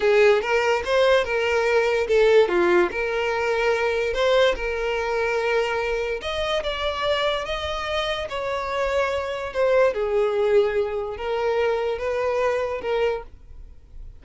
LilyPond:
\new Staff \with { instrumentName = "violin" } { \time 4/4 \tempo 4 = 145 gis'4 ais'4 c''4 ais'4~ | ais'4 a'4 f'4 ais'4~ | ais'2 c''4 ais'4~ | ais'2. dis''4 |
d''2 dis''2 | cis''2. c''4 | gis'2. ais'4~ | ais'4 b'2 ais'4 | }